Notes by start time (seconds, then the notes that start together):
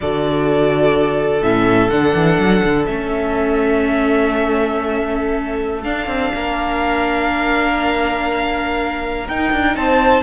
0.01 D3 F#4 A4 D5
1.42 A2 C#4 E5
1.90 D3 D4 F#5
2.14 E3
2.38 F#3
2.64 D3
2.86 A3 C#4 E5
5.82 D4 F5
6.07 C4
6.34 A#3 A#4
9.28 D#4 G5
9.52 D4
9.76 C4 C5 A5